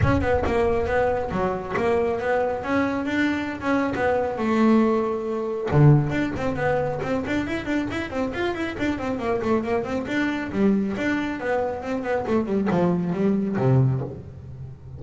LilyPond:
\new Staff \with { instrumentName = "double bass" } { \time 4/4 \tempo 4 = 137 cis'8 b8 ais4 b4 fis4 | ais4 b4 cis'4 d'4~ | d'16 cis'8. b4 a2~ | a4 d4 d'8 c'8 b4 |
c'8 d'8 e'8 d'8 e'8 c'8 f'8 e'8 | d'8 c'8 ais8 a8 ais8 c'8 d'4 | g4 d'4 b4 c'8 b8 | a8 g8 f4 g4 c4 | }